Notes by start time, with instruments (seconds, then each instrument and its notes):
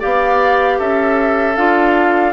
0.00 bassoon B3, clarinet G4, oboe D5, flute F5
0.79 bassoon C#4, oboe A4, flute E5
1.56 bassoon D4, clarinet F4, flute F5